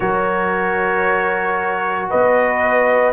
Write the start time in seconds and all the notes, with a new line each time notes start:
0.00 F#3 F#4 A#4 C#5
2.09 B3 B4 D#5